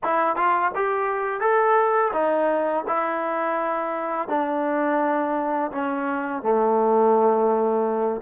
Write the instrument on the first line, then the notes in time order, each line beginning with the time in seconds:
trombone
0.03 E4
0.35 F4
0.75 G4
1.40 A4
2.13 D#4
2.87 E4
4.28 D4
5.71 C#4
6.42 A3